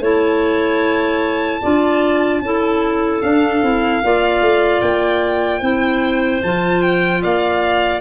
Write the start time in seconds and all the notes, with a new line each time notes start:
0.00 A3 E4 C#5 A5
1.61 D4 F4 D5
2.41 C#4 E4 A4
3.22 D4 F5
3.62 C4 E4
4.03 A#3 F4 D5
4.41 A3
4.82 A#3 G5
5.59 C4 E4 C5
6.42 F3 F4 A5
6.81 G5
7.22 A#3 D5 F5